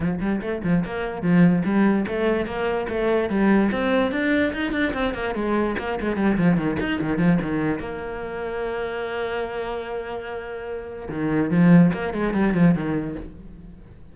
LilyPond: \new Staff \with { instrumentName = "cello" } { \time 4/4 \tempo 4 = 146 f8 g8 a8 f8 ais4 f4 | g4 a4 ais4 a4 | g4 c'4 d'4 dis'8 d'8 | c'8 ais8 gis4 ais8 gis8 g8 f8 |
dis8 dis'8 dis8 f8 dis4 ais4~ | ais1~ | ais2. dis4 | f4 ais8 gis8 g8 f8 dis4 | }